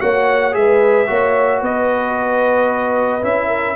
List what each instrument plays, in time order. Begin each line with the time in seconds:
0.00 tuba A#3, trombone F#4, horn C#5, trumpet F#5
0.52 tuba G#3, trombone G#4, horn B4, trumpet E5
1.07 tuba A#3, trombone F#4, horn C#5
1.61 tuba B3, horn B4, trumpet D#5
3.22 tuba C#4, trombone E4, trumpet E5
3.48 horn A#4